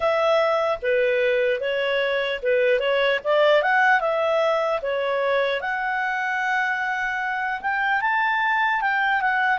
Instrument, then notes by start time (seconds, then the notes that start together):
clarinet
0.00 E5
0.82 B4
1.60 C#5
2.42 B4
2.79 C#5
3.24 D5
3.62 F#5
4.00 E5
4.82 C#5
5.60 F#5
7.61 G5
8.01 A5
8.81 G5
9.21 F#5